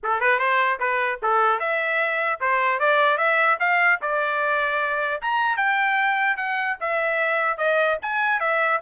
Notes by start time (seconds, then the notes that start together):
0.03 A4
0.20 B4
0.38 C5
0.79 B4
1.22 A4
1.59 E5
2.40 C5
2.79 D5
3.17 E5
3.59 F5
4.01 D5
5.21 A#5
5.56 G5
6.37 F#5
6.80 E5
7.57 D#5
8.01 G#5
8.40 E5